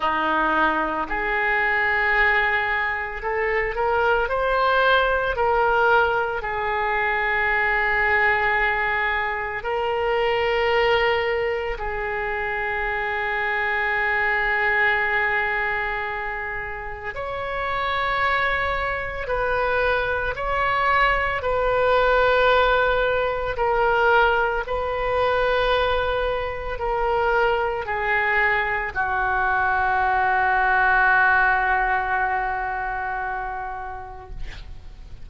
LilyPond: \new Staff \with { instrumentName = "oboe" } { \time 4/4 \tempo 4 = 56 dis'4 gis'2 a'8 ais'8 | c''4 ais'4 gis'2~ | gis'4 ais'2 gis'4~ | gis'1 |
cis''2 b'4 cis''4 | b'2 ais'4 b'4~ | b'4 ais'4 gis'4 fis'4~ | fis'1 | }